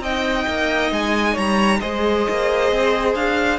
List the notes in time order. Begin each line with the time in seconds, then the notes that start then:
0.00 C4 D#4 D#5 G5
0.48 A#3
0.92 G#3 G#5
1.34 G3 C#5 A#5
1.80 G#3 G#4 C5 D#5
2.30 A#3
2.72 C4
3.15 D4 F5